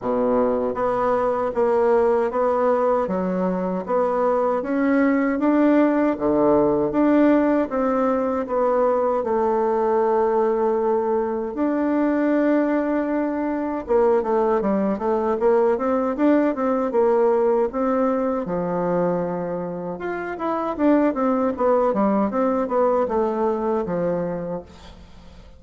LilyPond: \new Staff \with { instrumentName = "bassoon" } { \time 4/4 \tempo 4 = 78 b,4 b4 ais4 b4 | fis4 b4 cis'4 d'4 | d4 d'4 c'4 b4 | a2. d'4~ |
d'2 ais8 a8 g8 a8 | ais8 c'8 d'8 c'8 ais4 c'4 | f2 f'8 e'8 d'8 c'8 | b8 g8 c'8 b8 a4 f4 | }